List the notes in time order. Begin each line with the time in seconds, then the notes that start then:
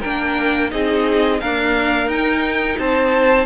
0.00 A#3 D4 A#4 G5
0.70 C4 D#4 G#4 D#5
1.40 A#3 D4 A#4 F5
2.06 D#4 G5
2.78 C4 C5 A5